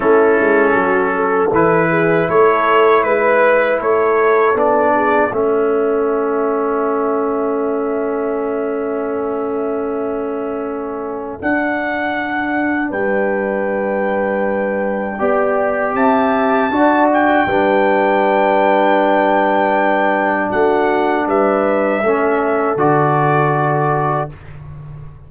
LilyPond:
<<
  \new Staff \with { instrumentName = "trumpet" } { \time 4/4 \tempo 4 = 79 a'2 b'4 cis''4 | b'4 cis''4 d''4 e''4~ | e''1~ | e''2. fis''4~ |
fis''4 g''2.~ | g''4 a''4. g''4.~ | g''2. fis''4 | e''2 d''2 | }
  \new Staff \with { instrumentName = "horn" } { \time 4/4 e'4 fis'8 a'4 gis'8 a'4 | b'4 a'4. gis'8 a'4~ | a'1~ | a'1~ |
a'4 b'2. | d''4 e''4 d''4 b'4~ | b'2. fis'4 | b'4 a'2. | }
  \new Staff \with { instrumentName = "trombone" } { \time 4/4 cis'2 e'2~ | e'2 d'4 cis'4~ | cis'1~ | cis'2. d'4~ |
d'1 | g'2 fis'4 d'4~ | d'1~ | d'4 cis'4 fis'2 | }
  \new Staff \with { instrumentName = "tuba" } { \time 4/4 a8 gis8 fis4 e4 a4 | gis4 a4 b4 a4~ | a1~ | a2. d'4~ |
d'4 g2. | b4 c'4 d'4 g4~ | g2. a4 | g4 a4 d2 | }
>>